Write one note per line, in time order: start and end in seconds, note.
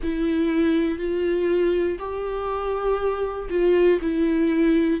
0.02 0.98 E4
0.98 1.98 F4
1.99 3.49 G4
3.49 3.99 F4
4.01 5.00 E4